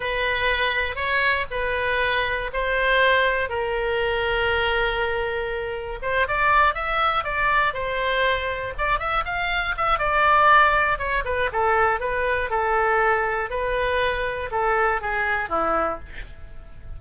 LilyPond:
\new Staff \with { instrumentName = "oboe" } { \time 4/4 \tempo 4 = 120 b'2 cis''4 b'4~ | b'4 c''2 ais'4~ | ais'1 | c''8 d''4 e''4 d''4 c''8~ |
c''4. d''8 e''8 f''4 e''8 | d''2 cis''8 b'8 a'4 | b'4 a'2 b'4~ | b'4 a'4 gis'4 e'4 | }